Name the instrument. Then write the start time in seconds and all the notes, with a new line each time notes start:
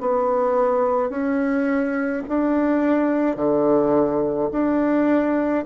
bassoon
0.00 B3
1.10 C#4
2.28 D4
3.36 D3
4.51 D4